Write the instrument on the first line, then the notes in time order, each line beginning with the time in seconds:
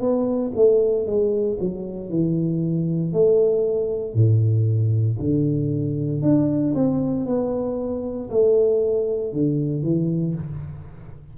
tuba
0.00 B3
0.56 A3
1.06 G#3
1.60 F#3
2.10 E3
3.13 A3
4.15 A2
5.19 D3
6.22 D4
6.75 C4
7.26 B3
8.30 A3
9.33 D3
9.83 E3